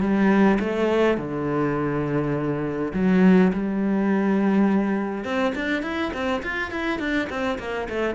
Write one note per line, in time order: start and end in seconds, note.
0.00 0.58 G3
0.60 1.17 A3
1.17 2.92 D3
2.94 3.52 F#3
3.53 5.24 G3
5.24 5.53 C4
5.55 5.82 D4
5.82 6.11 E4
6.13 6.42 C4
6.43 6.71 F4
6.71 6.99 E4
6.99 7.28 D4
7.29 7.58 C4
7.59 7.88 A#3
7.89 8.14 A3